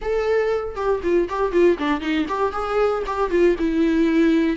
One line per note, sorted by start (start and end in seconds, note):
0.01 0.75 A4
0.75 1.01 G4
1.03 1.28 F4
1.29 1.52 G4
1.52 1.77 F4
1.78 2.01 D4
2.01 2.26 D#4
2.28 2.52 G4
2.52 3.03 G#4
3.06 3.30 G4
3.30 3.56 F4
3.58 4.56 E4